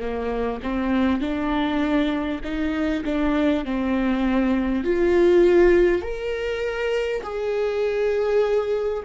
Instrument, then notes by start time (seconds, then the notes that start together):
viola
0.00 A#3
0.63 C4
1.21 D4
2.44 D#4
3.04 D4
3.64 C4
4.84 F4
6.02 A#4
7.23 G#4